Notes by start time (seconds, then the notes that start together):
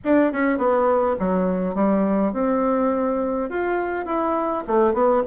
0.04 D4
0.32 C#4
0.57 B3
1.19 F#3
1.74 G3
2.32 C4
3.49 F4
4.05 E4
4.67 A3
4.93 B3